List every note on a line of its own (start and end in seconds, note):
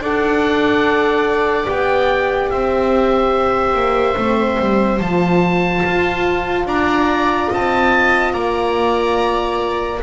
0.00 1.67 D4
0.00 1.66 A4
0.00 2.52 D5
0.00 1.68 F#5
1.66 2.52 B3
1.66 4.16 G4
1.66 2.51 G5
2.51 3.75 C4
2.51 6.68 C5
2.51 5.01 E5
3.75 4.16 A#3
4.17 4.59 A3
4.17 5.01 C4
4.60 5.00 G3
5.00 5.83 F3
5.00 10.02 F4
5.00 6.67 A5
5.86 6.66 F4
6.66 7.49 D4
6.66 7.51 D5
6.66 7.52 A#5
7.51 8.34 C4
7.51 8.34 D#5
7.51 8.34 A5
8.34 10.01 A#3
8.34 10.00 D5
8.34 10.00 A#5